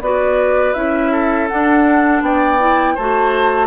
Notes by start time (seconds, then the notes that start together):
0.00 B3 F#4 B4 D5
0.73 C#4 E4 E5
1.11 A4
1.48 D4 F#5
2.21 B3 D5 G5
2.59 E4
2.94 A3 F#4 C5 A5